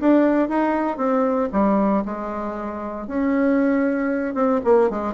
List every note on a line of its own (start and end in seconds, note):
0.00 0.49 D4
0.49 0.97 D#4
0.97 1.49 C4
1.52 2.04 G3
2.05 3.07 G#3
3.07 4.34 C#4
4.34 4.60 C4
4.64 4.90 A#3
4.90 5.14 G#3